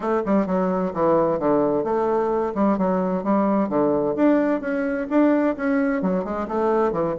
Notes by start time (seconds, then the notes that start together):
0.00 A3
0.25 G3
0.46 F#3
0.93 E3
1.39 D3
1.84 A3
2.54 G3
2.78 F#3
3.23 G3
3.69 D3
4.16 D4
4.60 C#4
5.10 D4
5.56 C#4
6.02 F#3
6.24 G#3
6.48 A3
6.92 E3